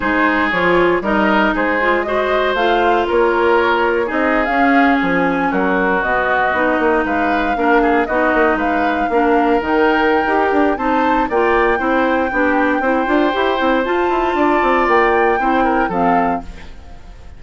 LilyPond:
<<
  \new Staff \with { instrumentName = "flute" } { \time 4/4 \tempo 4 = 117 c''4 cis''4 dis''4 c''4 | dis''4 f''4 cis''2 | dis''8. f''4 gis''4 ais'4 dis''16~ | dis''4.~ dis''16 f''2 dis''16~ |
dis''8. f''2 g''4~ g''16~ | g''4 a''4 g''2~ | g''2. a''4~ | a''4 g''2 f''4 | }
  \new Staff \with { instrumentName = "oboe" } { \time 4/4 gis'2 ais'4 gis'4 | c''2 ais'2 | gis'2~ gis'8. fis'4~ fis'16~ | fis'4.~ fis'16 b'4 ais'8 gis'8 fis'16~ |
fis'8. b'4 ais'2~ ais'16~ | ais'4 c''4 d''4 c''4 | g'4 c''2. | d''2 c''8 ais'8 a'4 | }
  \new Staff \with { instrumentName = "clarinet" } { \time 4/4 dis'4 f'4 dis'4. f'8 | fis'4 f'2. | dis'8. cis'2. b16~ | b8. dis'2 d'4 dis'16~ |
dis'4.~ dis'16 d'4 dis'4~ dis'16 | g'4 dis'4 f'4 e'4 | d'4 e'8 f'8 g'8 e'8 f'4~ | f'2 e'4 c'4 | }
  \new Staff \with { instrumentName = "bassoon" } { \time 4/4 gis4 f4 g4 gis4~ | gis4 a4 ais2 | c'8. cis'4 f4 fis4 b,16~ | b,8. b8 ais8 gis4 ais4 b16~ |
b16 ais8 gis4 ais4 dis4~ dis16 | dis'8 d'8 c'4 ais4 c'4 | b4 c'8 d'8 e'8 c'8 f'8 e'8 | d'8 c'8 ais4 c'4 f4 | }
>>